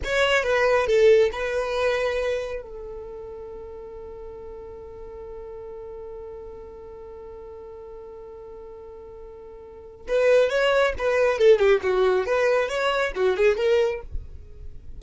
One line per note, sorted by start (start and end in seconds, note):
0.04 0.43 C#5
0.43 0.86 B4
0.86 1.30 A4
1.32 2.62 B4
2.62 10.06 A4
10.08 10.49 B4
10.49 10.93 C#5
10.98 11.38 B4
11.38 11.59 A4
11.59 11.80 G4
11.82 12.26 F#4
12.26 12.68 B4
12.68 13.12 C#5
13.15 13.36 F#4
13.36 13.57 G#4
13.57 14.01 A#4